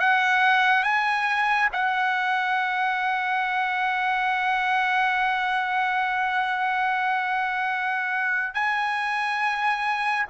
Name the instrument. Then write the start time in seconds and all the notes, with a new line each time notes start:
trumpet
0.00 F#5
0.84 G#5
1.73 F#5
8.55 G#5